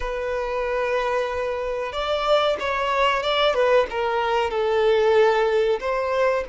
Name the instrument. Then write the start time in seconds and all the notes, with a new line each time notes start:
violin
0.00 B4
1.92 D5
2.59 C#5
3.23 D5
3.54 B4
3.89 A#4
4.50 A4
5.79 C5